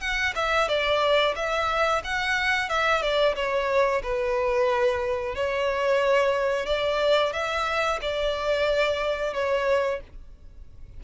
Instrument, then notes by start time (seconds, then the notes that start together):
violin
0.00 F#5
0.35 E5
0.68 D5
1.35 E5
2.04 F#5
2.69 E5
3.02 D5
3.35 C#5
4.03 B4
5.35 C#5
6.66 D5
7.33 E5
8.02 D5
9.33 C#5